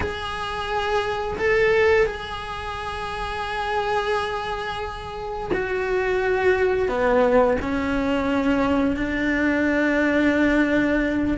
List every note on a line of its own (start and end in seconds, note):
0.00 1.37 G#4
1.38 2.06 A4
2.06 5.50 G#4
5.53 6.88 F#4
6.88 7.57 B3
7.61 8.96 C#4
8.96 11.37 D4